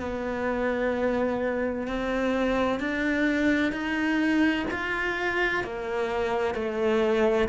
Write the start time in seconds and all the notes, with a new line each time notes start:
0.00 B3
1.87 C4
2.80 D4
3.72 D#4
4.71 F4
5.64 A#3
6.55 A3